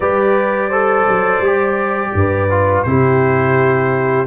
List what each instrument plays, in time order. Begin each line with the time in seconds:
0.00 tuba G3, trombone G4, horn B4, trumpet D5
0.69 trombone A4, horn C5
1.08 tuba F#3
1.40 tuba G3, trombone G4
2.13 tuba G2, horn B4
2.50 trombone F4
2.83 tuba C3, trombone E4, horn G4, trumpet C5